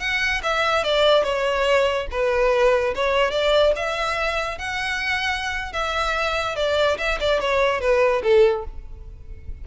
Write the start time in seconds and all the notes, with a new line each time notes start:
0.00 F#5
0.43 E5
0.84 D5
1.24 C#5
2.11 B4
2.95 C#5
3.31 D5
3.76 E5
4.58 F#5
5.73 E5
6.56 D5
6.98 E5
7.20 D5
7.40 C#5
7.81 B4
8.23 A4